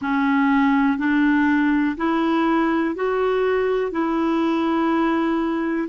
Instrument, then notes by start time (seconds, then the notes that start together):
clarinet
0.01 C#4
0.98 D4
1.97 E4
2.95 F#4
3.91 E4